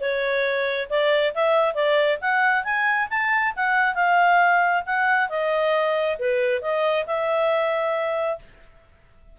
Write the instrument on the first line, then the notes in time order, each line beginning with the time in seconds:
clarinet
0.00 C#5
0.89 D5
1.34 E5
1.74 D5
2.21 F#5
2.64 G#5
3.10 A5
3.56 F#5
3.95 F5
4.86 F#5
5.29 D#5
6.19 B4
6.61 D#5
7.06 E5